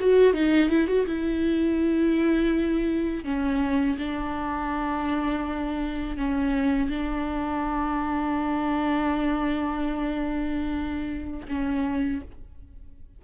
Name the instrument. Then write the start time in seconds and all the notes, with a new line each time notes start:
viola
0.00 F#4
0.34 D#4
0.70 E4
0.87 F#4
1.06 E4
3.24 C#4
3.98 D4
6.17 C#4
6.89 D4
11.48 C#4